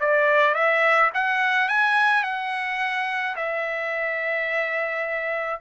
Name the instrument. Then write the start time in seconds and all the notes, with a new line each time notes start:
trumpet
0.00 D5
0.54 E5
1.14 F#5
1.68 G#5
2.23 F#5
3.36 E5